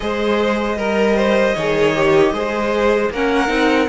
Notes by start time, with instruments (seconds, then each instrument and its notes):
0.00 cello G#3, viola G#4, violin C5 D#5
0.76 cello G3, violin A#4, viola A#4
1.16 violin C5
1.54 cello D#3, viola G#4, violin C#5
1.95 viola G4
2.32 cello G#3, viola G#4, violin C5
3.10 cello A#3, viola C#4, violin A#4 F#5
3.47 cello C4, viola D#4